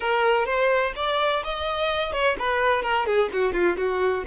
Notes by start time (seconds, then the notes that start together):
0.00 A#4
0.45 C5
0.95 D5
1.43 D#5
2.12 C#5
2.39 B4
2.82 A#4
3.06 G#4
3.32 F#4
3.52 F4
3.77 F#4